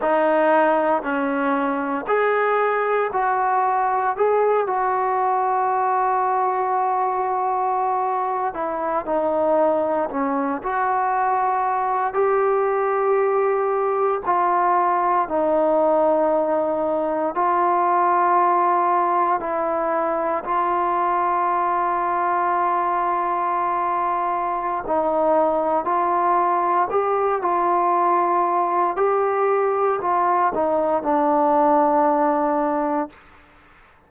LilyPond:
\new Staff \with { instrumentName = "trombone" } { \time 4/4 \tempo 4 = 58 dis'4 cis'4 gis'4 fis'4 | gis'8 fis'2.~ fis'8~ | fis'16 e'8 dis'4 cis'8 fis'4. g'16~ | g'4.~ g'16 f'4 dis'4~ dis'16~ |
dis'8. f'2 e'4 f'16~ | f'1 | dis'4 f'4 g'8 f'4. | g'4 f'8 dis'8 d'2 | }